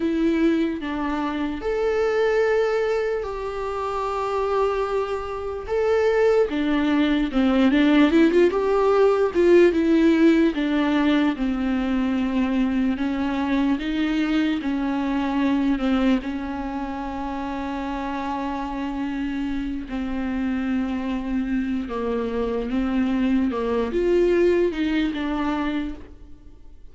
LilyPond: \new Staff \with { instrumentName = "viola" } { \time 4/4 \tempo 4 = 74 e'4 d'4 a'2 | g'2. a'4 | d'4 c'8 d'8 e'16 f'16 g'4 f'8 | e'4 d'4 c'2 |
cis'4 dis'4 cis'4. c'8 | cis'1~ | cis'8 c'2~ c'8 ais4 | c'4 ais8 f'4 dis'8 d'4 | }